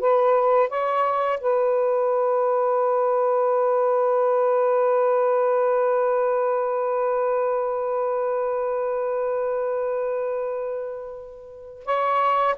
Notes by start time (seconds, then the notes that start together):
0.00 B4
0.70 C#5
1.40 B4
11.85 C#5